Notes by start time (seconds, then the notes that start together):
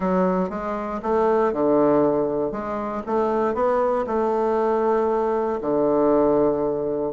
0.00 F#3
0.49 G#3
1.02 A3
1.52 D3
2.51 G#3
3.06 A3
3.54 B3
4.07 A3
5.61 D3